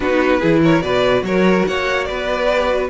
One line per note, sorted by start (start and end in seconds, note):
0.00 0.41 B3
0.00 0.40 D#4
0.00 0.39 F#4
0.00 0.62 B4
0.39 0.82 E3
0.39 0.82 E4
0.39 0.60 G#4
0.63 0.83 A#4
0.63 0.82 C#5
0.82 1.21 B2
0.82 2.47 F#4
0.82 1.24 B4
0.82 1.23 D5
1.21 1.63 F#3
1.21 1.68 A#4
1.21 1.66 C#5
1.67 2.09 A#3
1.67 2.07 C#5
1.67 2.04 F#5
2.04 2.90 B3
2.04 2.90 B4
2.04 2.87 D5
2.49 2.68 G4
2.68 2.89 F#4